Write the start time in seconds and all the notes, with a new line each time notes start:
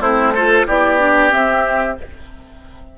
0.00 A3 C4 E4 C5
0.34 F4 A4
0.67 B3 E4 G4 D5
0.99 D4
1.30 C4 E5